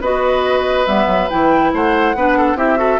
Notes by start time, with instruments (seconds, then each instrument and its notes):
0.00 bassoon B3, clarinet F#4, oboe B4, flute D#5
0.86 bassoon G3, clarinet B3, flute E5
1.07 bassoon F#3
1.30 bassoon E3, clarinet E4, flute G5
1.73 bassoon A3, oboe C5, flute F#5
2.15 bassoon B3, clarinet D4, oboe B4
2.38 oboe A4
2.55 bassoon C4, clarinet E4, oboe G4, flute E5
2.77 clarinet F#4, oboe A4